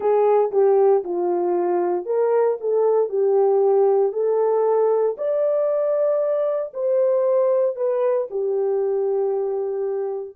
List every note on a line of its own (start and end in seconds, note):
0.00 0.51 G#4
0.51 1.03 G4
1.03 2.05 F4
2.05 2.57 A#4
2.60 3.08 A4
3.08 4.12 G4
4.12 5.15 A4
5.17 6.72 D5
6.73 7.76 C5
7.76 8.28 B4
8.30 10.35 G4